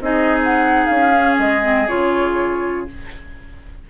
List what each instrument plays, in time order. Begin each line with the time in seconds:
0.00 bassoon C4, clarinet D#4, oboe G#4, flute D#5
0.44 flute F#5
0.86 bassoon C#4, flute F5
1.15 clarinet C#4
1.39 bassoon G#3, flute D#5
1.62 clarinet C4
1.88 bassoon C#3, clarinet F4, flute C#5